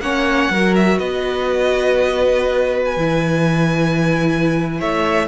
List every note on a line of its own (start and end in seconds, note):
0.00 0.49 A#3
0.00 0.52 C#4
0.00 0.52 C#5
0.00 0.75 F#5
0.50 0.99 F#3
0.50 2.98 F#4
0.50 0.99 A#4
0.76 0.99 E5
0.99 2.97 B3
0.99 4.79 B4
0.99 2.83 D#5
2.85 4.81 G#5
2.97 4.81 E3
2.97 5.28 E4
4.79 5.28 A3
4.79 5.28 C#5
4.79 5.28 E5